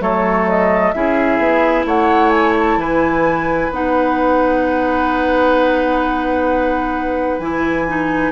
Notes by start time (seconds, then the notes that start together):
0.00 F#3 A3 A4 C#5
0.49 D#5
0.92 C#4 E4 G#4 E5
1.38 B3
1.85 A3 C#5 F#5
2.30 G#5
2.59 A5
2.77 E3 B4 G#5
3.70 B3 D#4 F#5
7.39 E3 E4 G#5
7.88 D#4